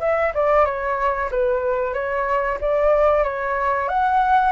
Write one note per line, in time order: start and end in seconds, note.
0.00 0.32 E5
0.35 0.65 D5
0.65 1.30 C#5
1.31 1.94 B4
1.94 2.58 C#5
2.61 3.24 D5
3.24 3.89 C#5
3.89 4.52 F#5